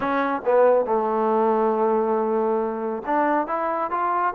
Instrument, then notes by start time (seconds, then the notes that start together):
trombone
0.00 C#4
0.45 B3
0.85 A3
3.06 D4
3.47 E4
3.90 F4